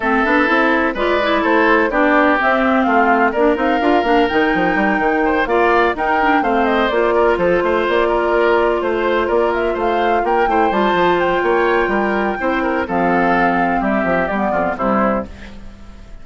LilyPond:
<<
  \new Staff \with { instrumentName = "flute" } { \time 4/4 \tempo 4 = 126 e''2 d''4 c''4 | d''4 e''4 f''4 d''8 f''8~ | f''4 g''2~ g''8 f''8~ | f''8 g''4 f''8 dis''8 d''4 c''8~ |
c''8 d''2 c''4 d''8 | e''8 f''4 g''4 a''4 g''8~ | g''2. f''4~ | f''4 e''4 d''4 c''4 | }
  \new Staff \with { instrumentName = "oboe" } { \time 4/4 a'2 b'4 a'4 | g'2 f'4 ais'4~ | ais'2. c''8 d''8~ | d''8 ais'4 c''4. ais'8 a'8 |
c''4 ais'4. c''4 ais'8~ | ais'8 c''4 ais'8 c''2 | cis''4 ais'4 c''8 ais'8 a'4~ | a'4 g'4. f'8 e'4 | }
  \new Staff \with { instrumentName = "clarinet" } { \time 4/4 c'8 d'8 e'4 f'8 e'4. | d'4 c'2 d'8 dis'8 | f'8 d'8 dis'2~ dis'8 f'8~ | f'8 dis'8 d'8 c'4 f'4.~ |
f'1~ | f'2 e'8 f'4.~ | f'2 e'4 c'4~ | c'2 b4 g4 | }
  \new Staff \with { instrumentName = "bassoon" } { \time 4/4 a8 b8 c'4 gis4 a4 | b4 c'4 a4 ais8 c'8 | d'8 ais8 dis8 f8 g8 dis4 ais8~ | ais8 dis'4 a4 ais4 f8 |
a8 ais2 a4 ais8~ | ais8 a4 ais8 a8 g8 f4 | ais4 g4 c'4 f4~ | f4 g8 f8 g8 f,8 c4 | }
>>